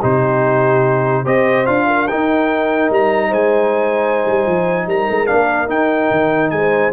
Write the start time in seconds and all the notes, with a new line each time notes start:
0.00 C3 D#4 G4 C5
1.23 C4 G4 C5 D#5
1.66 D4 F4 F5
1.87 A#4
2.07 D#4 G5
2.89 G3 A#5
3.28 G#3 C5 G#5
4.25 G3
4.46 F3
4.86 G3 A#4 A#5
5.10 G#3
5.26 A#3 D4 F5
5.67 D#4 G5
6.11 D#3
6.50 G#3 C5 G#5